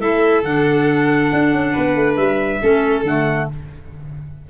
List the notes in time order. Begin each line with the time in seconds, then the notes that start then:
0.00 A3 E4 A4 E5
0.44 D3 D4 F#5
1.33 D4
1.53 C#4
1.73 B3 B4
1.96 A3
2.16 G3 E5
2.61 A3 C#4 A4
3.03 D3 A3 F#5